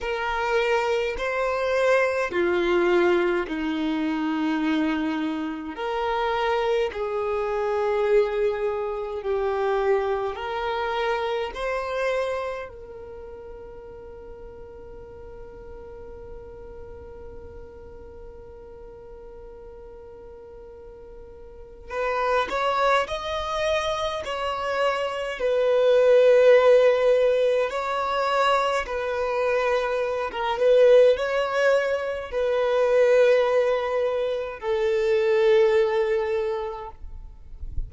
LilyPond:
\new Staff \with { instrumentName = "violin" } { \time 4/4 \tempo 4 = 52 ais'4 c''4 f'4 dis'4~ | dis'4 ais'4 gis'2 | g'4 ais'4 c''4 ais'4~ | ais'1~ |
ais'2. b'8 cis''8 | dis''4 cis''4 b'2 | cis''4 b'4~ b'16 ais'16 b'8 cis''4 | b'2 a'2 | }